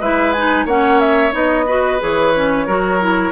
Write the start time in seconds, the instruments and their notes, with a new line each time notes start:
0.00 bassoon G#3, clarinet E4, oboe B4, flute E5
0.32 clarinet D#4, flute G#5
0.65 bassoon A#3, clarinet C#4, oboe C#5, flute F#5
0.99 flute E5
1.31 bassoon B3, clarinet D#4, flute D#5
1.66 clarinet F#4, oboe B4
2.00 bassoon E3, clarinet G#4, flute C#5
2.35 clarinet C#4
2.66 bassoon F#3, clarinet F#4, oboe A#4
3.00 clarinet E4